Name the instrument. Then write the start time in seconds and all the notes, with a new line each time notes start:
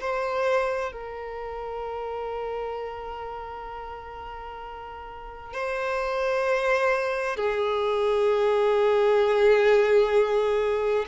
violin
0.00 C5
0.92 A#4
5.53 C5
7.36 G#4